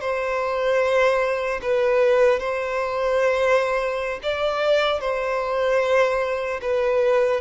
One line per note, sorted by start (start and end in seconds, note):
0.00 1.60 C5
1.61 2.39 B4
2.39 4.19 C5
4.23 5.00 D5
5.00 6.60 C5
6.61 7.40 B4